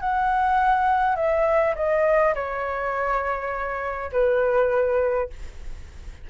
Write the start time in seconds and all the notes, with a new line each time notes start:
0.00 F#5
1.15 E5
1.75 D#5
2.34 C#5
4.12 B4